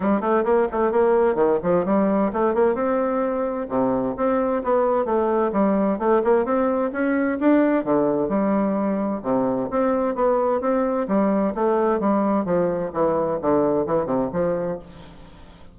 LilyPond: \new Staff \with { instrumentName = "bassoon" } { \time 4/4 \tempo 4 = 130 g8 a8 ais8 a8 ais4 dis8 f8 | g4 a8 ais8 c'2 | c4 c'4 b4 a4 | g4 a8 ais8 c'4 cis'4 |
d'4 d4 g2 | c4 c'4 b4 c'4 | g4 a4 g4 f4 | e4 d4 e8 c8 f4 | }